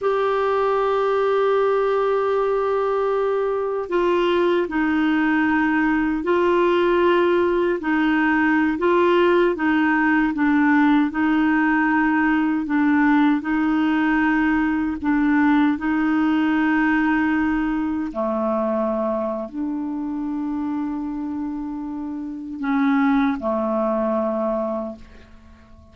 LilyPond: \new Staff \with { instrumentName = "clarinet" } { \time 4/4 \tempo 4 = 77 g'1~ | g'4 f'4 dis'2 | f'2 dis'4~ dis'16 f'8.~ | f'16 dis'4 d'4 dis'4.~ dis'16~ |
dis'16 d'4 dis'2 d'8.~ | d'16 dis'2. a8.~ | a4 d'2.~ | d'4 cis'4 a2 | }